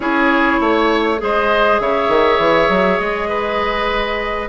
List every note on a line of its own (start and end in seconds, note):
0.00 0.59 C#4
0.00 1.18 E4
0.00 0.60 G#4
0.00 1.19 C#5
0.60 1.20 A3
0.60 1.20 C#5
1.18 1.80 G#3
1.18 4.48 G#4
1.18 1.81 C5
1.18 1.79 D#5
1.79 2.08 C#3
1.79 3.28 C#5
1.79 2.99 E5
2.08 2.38 D#3
2.38 2.68 E3
2.69 2.99 F#3
2.99 4.48 G#3
2.99 4.48 D#5
3.28 4.48 B4